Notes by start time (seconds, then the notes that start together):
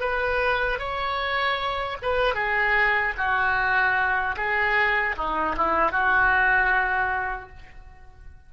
0.00 B4
0.79 C#5
2.02 B4
2.35 G#4
3.18 F#4
4.37 G#4
5.17 D#4
5.57 E4
5.92 F#4